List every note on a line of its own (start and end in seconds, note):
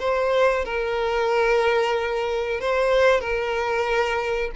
0.00 0.65 C5
0.66 2.61 A#4
2.61 3.21 C5
3.21 4.51 A#4